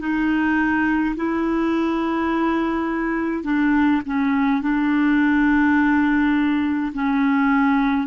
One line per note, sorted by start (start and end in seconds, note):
0.00 1.15 D#4
1.16 3.44 E4
3.44 4.02 D4
4.06 4.62 C#4
4.62 6.93 D4
6.94 8.07 C#4